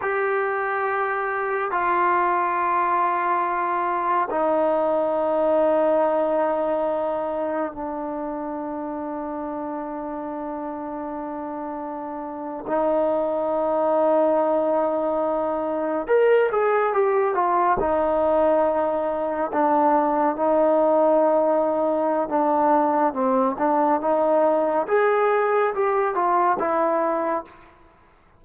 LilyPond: \new Staff \with { instrumentName = "trombone" } { \time 4/4 \tempo 4 = 70 g'2 f'2~ | f'4 dis'2.~ | dis'4 d'2.~ | d'2~ d'8. dis'4~ dis'16~ |
dis'2~ dis'8. ais'8 gis'8 g'16~ | g'16 f'8 dis'2 d'4 dis'16~ | dis'2 d'4 c'8 d'8 | dis'4 gis'4 g'8 f'8 e'4 | }